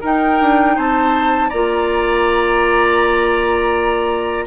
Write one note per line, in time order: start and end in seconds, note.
0.00 1.50 D#4
0.00 0.41 D#4
0.00 0.74 A#4
0.00 0.78 G5
0.41 0.77 D4
0.75 1.51 C4
0.75 1.48 C5
0.75 1.49 A5
1.48 4.47 A#3
1.48 4.47 F4
1.48 4.44 D5
1.48 4.46 A#5